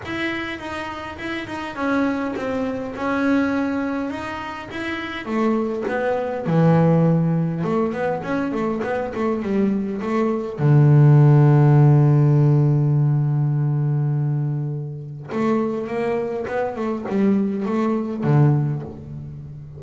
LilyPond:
\new Staff \with { instrumentName = "double bass" } { \time 4/4 \tempo 4 = 102 e'4 dis'4 e'8 dis'8 cis'4 | c'4 cis'2 dis'4 | e'4 a4 b4 e4~ | e4 a8 b8 cis'8 a8 b8 a8 |
g4 a4 d2~ | d1~ | d2 a4 ais4 | b8 a8 g4 a4 d4 | }